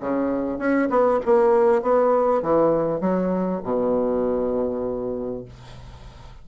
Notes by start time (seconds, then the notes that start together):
0.00 C#3
0.58 C#4
0.90 B3
1.25 A#3
1.82 B3
2.42 E3
3.01 F#3
3.63 B2